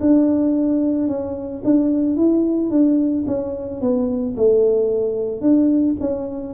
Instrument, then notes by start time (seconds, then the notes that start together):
tuba
0.00 D4
1.08 C#4
1.64 D4
2.16 E4
2.70 D4
3.27 C#4
3.81 B3
4.37 A3
5.41 D4
6.00 C#4